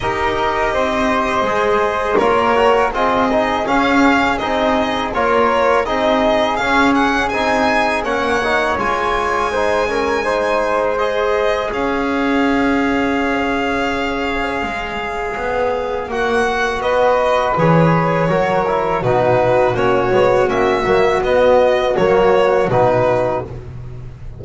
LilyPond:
<<
  \new Staff \with { instrumentName = "violin" } { \time 4/4 \tempo 4 = 82 dis''2. cis''4 | dis''4 f''4 dis''4 cis''4 | dis''4 f''8 fis''8 gis''4 fis''4 | gis''2. dis''4 |
f''1~ | f''2 fis''4 dis''4 | cis''2 b'4 cis''4 | e''4 dis''4 cis''4 b'4 | }
  \new Staff \with { instrumentName = "flute" } { \time 4/4 ais'4 c''2 ais'4 | gis'2. ais'4 | gis'2. cis''4~ | cis''4 c''8 ais'8 c''2 |
cis''1~ | cis''2. b'4~ | b'4 ais'4 fis'2~ | fis'1 | }
  \new Staff \with { instrumentName = "trombone" } { \time 4/4 g'2 gis'4 f'8 fis'8 | f'8 dis'8 cis'4 dis'4 f'4 | dis'4 cis'4 dis'4 cis'8 dis'8 | f'4 dis'8 cis'8 dis'4 gis'4~ |
gis'1~ | gis'2 fis'2 | gis'4 fis'8 e'8 dis'4 cis'8 b8 | cis'8 ais8 b4 ais4 dis'4 | }
  \new Staff \with { instrumentName = "double bass" } { \time 4/4 dis'4 c'4 gis4 ais4 | c'4 cis'4 c'4 ais4 | c'4 cis'4 c'4 ais4 | gis1 |
cis'1 | gis4 b4 ais4 b4 | e4 fis4 b,4 ais8 gis8 | ais8 fis8 b4 fis4 b,4 | }
>>